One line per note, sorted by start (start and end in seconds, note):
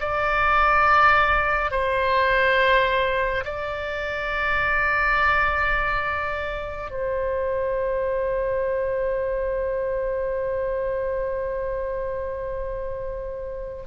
0.00 1.71 D5
1.71 3.44 C5
3.45 6.91 D5
6.91 13.83 C5